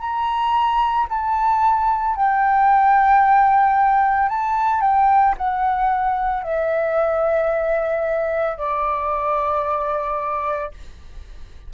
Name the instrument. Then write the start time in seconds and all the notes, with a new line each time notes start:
flute
0.00 A#5
1.10 A5
2.16 G5
4.30 A5
4.81 G5
5.38 F#5
6.43 E5
8.58 D5